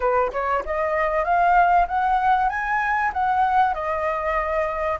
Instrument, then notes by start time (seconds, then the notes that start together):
flute
0.00 B4
0.32 C#5
0.65 D#5
1.24 F5
1.87 F#5
2.49 G#5
3.13 F#5
3.74 D#5